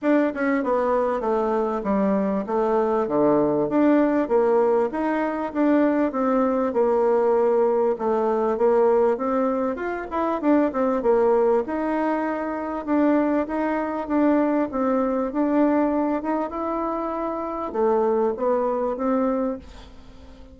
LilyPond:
\new Staff \with { instrumentName = "bassoon" } { \time 4/4 \tempo 4 = 98 d'8 cis'8 b4 a4 g4 | a4 d4 d'4 ais4 | dis'4 d'4 c'4 ais4~ | ais4 a4 ais4 c'4 |
f'8 e'8 d'8 c'8 ais4 dis'4~ | dis'4 d'4 dis'4 d'4 | c'4 d'4. dis'8 e'4~ | e'4 a4 b4 c'4 | }